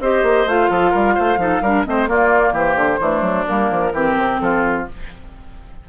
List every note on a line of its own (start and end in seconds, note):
0.00 0.23 C4
0.00 0.48 G4
0.00 0.71 C5
0.00 0.48 D#5
0.23 0.46 A#3
0.46 0.69 A3
0.46 1.38 F4
0.46 1.85 F5
0.70 0.93 F3
0.70 0.91 A4
0.91 1.17 G3
0.91 1.14 A#4
1.15 1.37 A3
1.15 1.38 C5
1.37 1.60 F3
1.37 1.61 D#4
1.37 1.62 A4
1.62 1.85 G3
1.62 1.86 D4
1.62 1.85 A#4
1.85 2.07 A3
1.85 2.08 C4
1.85 2.09 C5
1.85 2.08 D#5
2.07 2.53 A#3
2.07 3.00 A#3
2.07 2.53 F4
2.07 2.56 D5
2.53 2.76 E3
2.53 3.00 G4
2.53 3.47 C5
2.76 2.99 D3
3.00 3.21 E3
3.00 3.47 A3
3.00 3.93 D4
3.21 3.44 F#3
3.47 3.71 G3
3.47 3.93 A#3
3.47 4.39 A#4
3.71 3.92 F3
3.92 4.16 E3
3.92 4.88 C4
3.92 4.40 G4
4.17 4.40 C3
4.39 4.87 F3
4.39 4.89 F4
4.39 4.86 A4